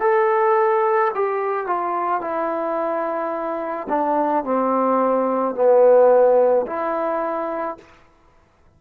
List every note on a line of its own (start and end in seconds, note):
0.00 1.11 A4
1.15 1.66 G4
1.66 2.21 F4
2.21 3.87 E4
3.89 4.44 D4
4.44 5.55 C4
5.55 6.66 B3
6.66 7.77 E4